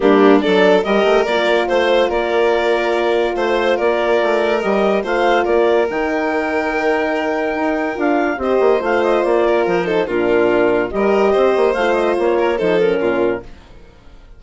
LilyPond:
<<
  \new Staff \with { instrumentName = "clarinet" } { \time 4/4 \tempo 4 = 143 g'4 d''4 dis''4 d''4 | c''4 d''2. | c''4 d''2 dis''4 | f''4 d''4 g''2~ |
g''2. f''4 | dis''4 f''8 dis''8 d''4 c''4 | ais'2 dis''2 | f''8 dis''8 cis''4 c''8 ais'4. | }
  \new Staff \with { instrumentName = "violin" } { \time 4/4 d'4 a'4 ais'2 | c''4 ais'2. | c''4 ais'2. | c''4 ais'2.~ |
ais'1 | c''2~ c''8 ais'4 a'8 | f'2 ais'4 c''4~ | c''4. ais'8 a'4 f'4 | }
  \new Staff \with { instrumentName = "horn" } { \time 4/4 ais4 d'4 g'4 f'4~ | f'1~ | f'2. g'4 | f'2 dis'2~ |
dis'2. f'4 | g'4 f'2~ f'8 dis'8 | d'2 g'2 | f'2 dis'8 cis'4. | }
  \new Staff \with { instrumentName = "bassoon" } { \time 4/4 g4 fis4 g8 a8 ais4 | a4 ais2. | a4 ais4 a4 g4 | a4 ais4 dis2~ |
dis2 dis'4 d'4 | c'8 ais8 a4 ais4 f4 | ais,2 g4 c'8 ais8 | a4 ais4 f4 ais,4 | }
>>